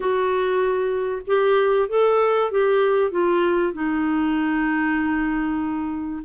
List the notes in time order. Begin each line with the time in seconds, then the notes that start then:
0.00 F#4
1.27 G4
1.88 A4
2.51 G4
3.11 F4
3.73 D#4